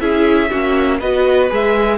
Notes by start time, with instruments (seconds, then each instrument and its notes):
0.00 cello C#4, viola E4, violin G#4 E5
0.50 cello A#3, viola C#4, violin F#4
0.99 cello B3, viola F#4, violin B4 D#5
1.50 cello G#3, viola G#4, violin E5